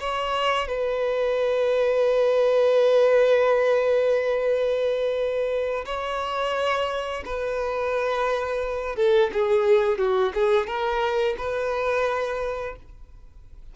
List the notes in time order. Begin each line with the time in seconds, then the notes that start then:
0.00 C#5
0.68 B4
5.86 C#5
7.25 B4
8.96 A4
9.33 G#4
9.98 F#4
10.34 G#4
10.67 A#4
11.38 B4